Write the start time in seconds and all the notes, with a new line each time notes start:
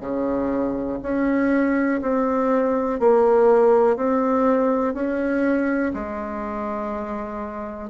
0.00 C#3
1.02 C#4
2.01 C4
3.00 A#3
3.96 C4
4.94 C#4
5.93 G#3